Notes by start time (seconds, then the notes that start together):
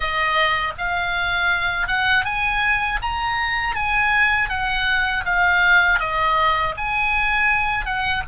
0.00 D#5
0.78 F5
1.87 F#5
2.24 G#5
3.02 A#5
3.75 G#5
4.49 F#5
5.25 F5
5.99 D#5
6.77 G#5
7.85 F#5